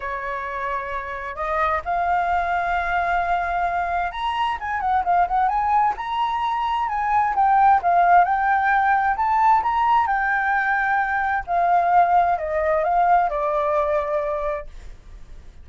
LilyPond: \new Staff \with { instrumentName = "flute" } { \time 4/4 \tempo 4 = 131 cis''2. dis''4 | f''1~ | f''4 ais''4 gis''8 fis''8 f''8 fis''8 | gis''4 ais''2 gis''4 |
g''4 f''4 g''2 | a''4 ais''4 g''2~ | g''4 f''2 dis''4 | f''4 d''2. | }